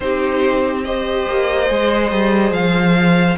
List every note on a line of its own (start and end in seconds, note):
0.00 1.26 C4
0.00 0.85 D#4
0.00 0.85 G4
0.00 0.84 C5
0.84 1.68 G4
0.84 3.37 C5
0.84 2.52 D#5
1.28 1.70 A#3
1.68 2.11 G#3
1.68 3.37 G#4
2.11 2.51 G3
2.51 3.36 F3
2.51 3.37 F5